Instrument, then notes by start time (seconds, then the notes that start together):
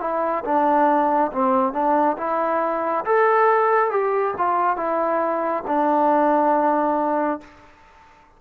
trombone
0.00 E4
0.44 D4
1.32 C4
1.73 D4
2.17 E4
3.05 A4
3.91 G4
4.38 F4
4.77 E4
5.67 D4